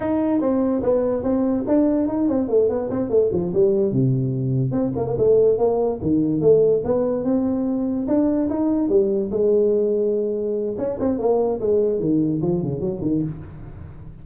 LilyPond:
\new Staff \with { instrumentName = "tuba" } { \time 4/4 \tempo 4 = 145 dis'4 c'4 b4 c'4 | d'4 dis'8 c'8 a8 b8 c'8 a8 | f8 g4 c2 c'8 | ais8 a4 ais4 dis4 a8~ |
a8 b4 c'2 d'8~ | d'8 dis'4 g4 gis4.~ | gis2 cis'8 c'8 ais4 | gis4 dis4 f8 cis8 fis8 dis8 | }